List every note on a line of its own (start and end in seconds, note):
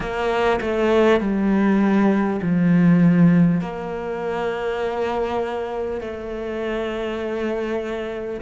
0.00 0.59 A#3
0.61 1.20 A3
1.20 2.40 G3
2.42 3.60 F3
3.60 6.00 A#3
6.00 8.40 A3